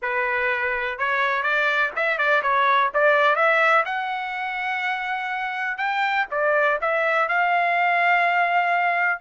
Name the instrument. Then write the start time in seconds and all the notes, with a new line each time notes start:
trumpet
0.02 B4
0.98 C#5
1.42 D5
1.96 E5
2.18 D5
2.42 C#5
2.94 D5
3.35 E5
3.85 F#5
5.77 G5
6.31 D5
6.81 E5
7.28 F5